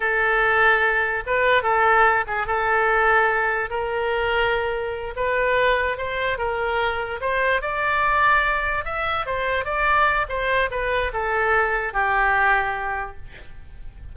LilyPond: \new Staff \with { instrumentName = "oboe" } { \time 4/4 \tempo 4 = 146 a'2. b'4 | a'4. gis'8 a'2~ | a'4 ais'2.~ | ais'8 b'2 c''4 ais'8~ |
ais'4. c''4 d''4.~ | d''4. e''4 c''4 d''8~ | d''4 c''4 b'4 a'4~ | a'4 g'2. | }